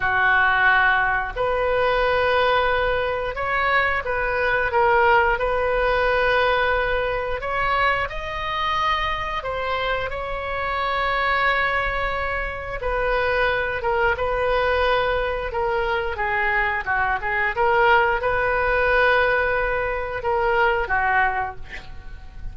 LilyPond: \new Staff \with { instrumentName = "oboe" } { \time 4/4 \tempo 4 = 89 fis'2 b'2~ | b'4 cis''4 b'4 ais'4 | b'2. cis''4 | dis''2 c''4 cis''4~ |
cis''2. b'4~ | b'8 ais'8 b'2 ais'4 | gis'4 fis'8 gis'8 ais'4 b'4~ | b'2 ais'4 fis'4 | }